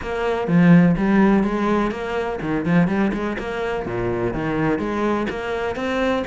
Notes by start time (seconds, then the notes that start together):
0.02 A#3
0.47 F3
0.97 G3
1.43 G#3
1.91 A#3
2.41 D#3
2.65 F3
2.87 G3
3.13 G#3
3.38 A#3
3.86 A#2
4.33 D#3
4.78 G#3
5.29 A#3
5.75 C4